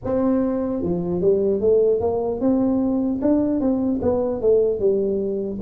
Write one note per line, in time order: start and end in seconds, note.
0.04 0.82 C4
0.82 1.21 F3
1.21 1.60 G3
1.60 2.00 A3
2.00 2.40 A#3
2.40 3.20 C4
3.21 3.60 D4
3.60 4.00 C4
4.01 4.41 B3
4.41 4.79 A3
4.79 5.59 G3